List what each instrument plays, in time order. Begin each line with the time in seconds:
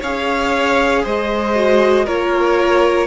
0.00 cello C#4, viola G#4, violin C#5 F5
1.03 cello G#3, violin C5 D#5
1.55 viola F#4
2.05 cello A#3, viola F4, violin A#4 C#5